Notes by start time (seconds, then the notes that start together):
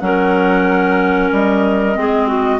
0.00 F#3 C#4 A#4 F#5
1.31 G3 D#5
1.95 G#3 C4 G#4
2.27 F#4